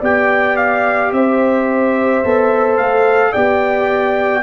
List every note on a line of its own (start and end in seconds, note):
0.00 1.12 B3
0.00 2.24 G4
0.00 1.11 D5
0.00 0.56 G5
0.56 1.12 F5
1.12 2.23 C4
1.12 3.33 C5
1.12 2.77 E5
2.24 2.78 B3
2.24 3.35 A4
2.77 3.34 A3
2.77 3.33 F5
3.33 4.43 B3
3.33 4.43 G4
3.33 4.43 D5
3.33 4.43 G5